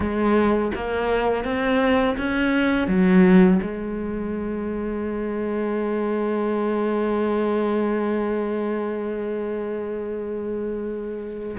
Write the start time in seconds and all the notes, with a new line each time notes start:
0.00 G#3
0.74 A#3
1.44 C4
2.17 C#4
2.87 F#3
3.62 G#3